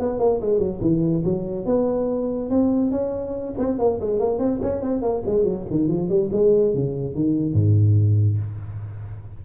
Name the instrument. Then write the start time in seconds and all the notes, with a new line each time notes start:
tuba
0.00 B3
0.20 A#3
0.41 G#3
0.59 F#3
0.81 E3
1.24 F#3
1.66 B3
2.50 C4
2.91 C#4
3.58 C4
3.79 A#3
4.01 G#3
4.20 A#3
4.39 C4
4.62 C#4
4.82 C4
5.02 A#3
5.26 G#3
5.44 F#3
5.71 D#3
5.88 F3
6.09 G3
6.33 G#3
6.75 C#3
7.15 D#3
7.54 G#2